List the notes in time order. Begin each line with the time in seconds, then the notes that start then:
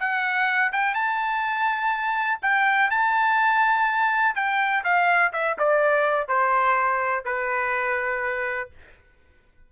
0.00 F#5
0.73 G5
0.95 A5
2.42 G5
2.91 A5
4.36 G5
4.84 F5
5.33 E5
5.59 D5
6.28 C5
7.25 B4